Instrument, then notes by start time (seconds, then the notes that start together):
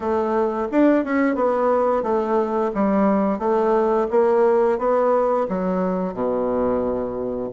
bassoon
0.00 A3
0.71 D4
1.04 C#4
1.35 B3
2.03 A3
2.74 G3
3.38 A3
4.10 A#3
4.78 B3
5.49 F#3
6.13 B2